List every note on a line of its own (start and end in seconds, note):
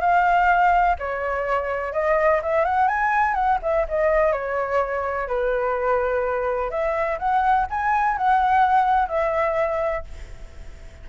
0.00 0.96 F5
0.98 1.92 C#5
1.92 2.40 D#5
2.42 2.64 E5
2.64 2.88 F#5
2.88 3.34 G#5
3.34 3.58 F#5
3.62 3.86 E5
3.88 4.32 D#5
4.32 5.27 C#5
5.27 6.70 B4
6.70 7.18 E5
7.18 7.66 F#5
7.70 8.17 G#5
8.17 9.08 F#5
9.08 10.04 E5